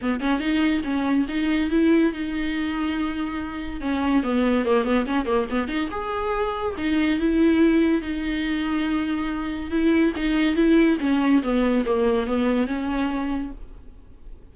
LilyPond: \new Staff \with { instrumentName = "viola" } { \time 4/4 \tempo 4 = 142 b8 cis'8 dis'4 cis'4 dis'4 | e'4 dis'2.~ | dis'4 cis'4 b4 ais8 b8 | cis'8 ais8 b8 dis'8 gis'2 |
dis'4 e'2 dis'4~ | dis'2. e'4 | dis'4 e'4 cis'4 b4 | ais4 b4 cis'2 | }